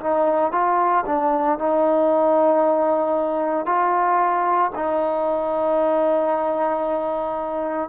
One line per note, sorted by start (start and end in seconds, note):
0.00 0.52 D#4
0.52 1.04 F4
1.06 1.58 D4
1.58 3.66 D#4
3.66 4.71 F4
4.75 7.89 D#4